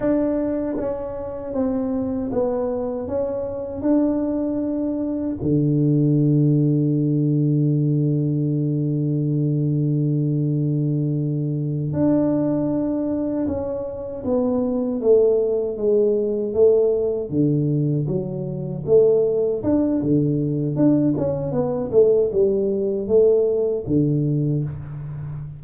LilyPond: \new Staff \with { instrumentName = "tuba" } { \time 4/4 \tempo 4 = 78 d'4 cis'4 c'4 b4 | cis'4 d'2 d4~ | d1~ | d2.~ d8 d'8~ |
d'4. cis'4 b4 a8~ | a8 gis4 a4 d4 fis8~ | fis8 a4 d'8 d4 d'8 cis'8 | b8 a8 g4 a4 d4 | }